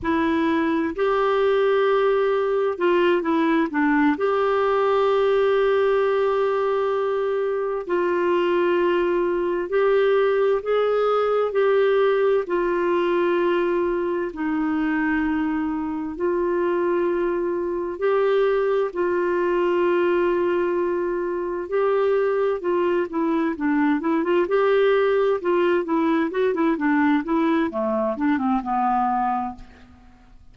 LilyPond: \new Staff \with { instrumentName = "clarinet" } { \time 4/4 \tempo 4 = 65 e'4 g'2 f'8 e'8 | d'8 g'2.~ g'8~ | g'8 f'2 g'4 gis'8~ | gis'8 g'4 f'2 dis'8~ |
dis'4. f'2 g'8~ | g'8 f'2. g'8~ | g'8 f'8 e'8 d'8 e'16 f'16 g'4 f'8 | e'8 fis'16 e'16 d'8 e'8 a8 d'16 c'16 b4 | }